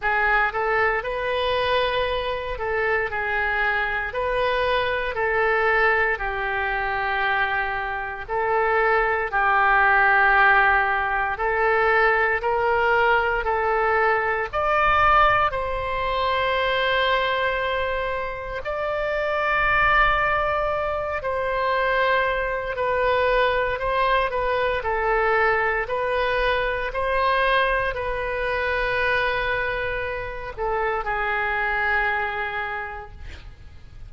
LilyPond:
\new Staff \with { instrumentName = "oboe" } { \time 4/4 \tempo 4 = 58 gis'8 a'8 b'4. a'8 gis'4 | b'4 a'4 g'2 | a'4 g'2 a'4 | ais'4 a'4 d''4 c''4~ |
c''2 d''2~ | d''8 c''4. b'4 c''8 b'8 | a'4 b'4 c''4 b'4~ | b'4. a'8 gis'2 | }